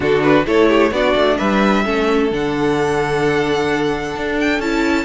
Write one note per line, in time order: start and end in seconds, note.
0.00 0.45 D3
0.00 0.46 D4
0.00 0.45 F#4
0.00 0.22 A4
0.22 0.45 B4
0.46 0.91 A3
0.46 0.92 E4
0.46 0.68 A4
0.46 0.93 C#5
0.68 0.91 G4
0.91 1.14 B3
0.91 1.84 D4
0.91 1.38 F#4
0.91 1.37 D5
1.15 1.38 A3
1.37 1.85 G3
1.37 1.84 B4
1.37 2.29 E5
1.84 2.31 A3
1.84 2.30 C#4
1.84 5.05 A4
2.31 4.15 D3
2.31 4.62 D4
2.31 4.39 F#5
4.15 4.59 D4
4.39 4.60 G5
4.59 5.05 C#4
4.59 5.05 E4
4.59 5.05 A5